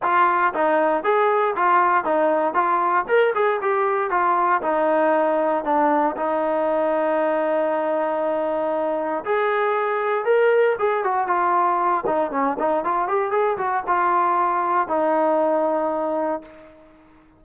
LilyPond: \new Staff \with { instrumentName = "trombone" } { \time 4/4 \tempo 4 = 117 f'4 dis'4 gis'4 f'4 | dis'4 f'4 ais'8 gis'8 g'4 | f'4 dis'2 d'4 | dis'1~ |
dis'2 gis'2 | ais'4 gis'8 fis'8 f'4. dis'8 | cis'8 dis'8 f'8 g'8 gis'8 fis'8 f'4~ | f'4 dis'2. | }